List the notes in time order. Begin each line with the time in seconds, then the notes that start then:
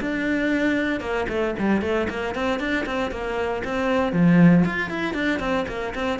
0.00 D4
1.00 A#3
1.29 A3
1.58 G3
1.81 A3
2.09 A#3
2.35 C4
2.59 D4
2.85 C4
3.11 A#3
3.64 C4
4.12 F3
4.65 F4
4.89 E4
5.14 D4
5.39 C4
5.68 A#3
5.94 C4